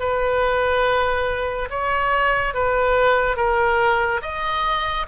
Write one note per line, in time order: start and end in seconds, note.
0.00 1.69 B4
1.70 2.54 C#5
2.54 3.37 B4
3.37 4.21 A#4
4.22 5.07 D#5